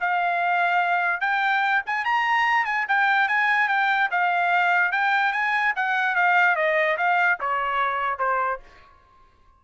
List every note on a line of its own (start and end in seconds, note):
0.00 1.20 F5
1.20 1.82 G5
1.86 2.04 G#5
2.04 2.65 A#5
2.65 2.85 G#5
2.88 3.28 G5
3.28 3.68 G#5
3.68 4.09 G5
4.11 4.91 F5
4.91 5.32 G5
5.32 5.73 G#5
5.76 6.15 F#5
6.15 6.55 F5
6.55 6.97 D#5
6.97 7.38 F5
7.40 8.18 C#5
8.18 8.59 C5